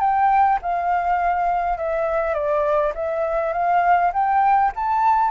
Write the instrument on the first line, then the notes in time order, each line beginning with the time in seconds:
flute
0.00 G5
0.62 F5
1.78 E5
2.34 D5
2.95 E5
3.53 F5
4.13 G5
4.75 A5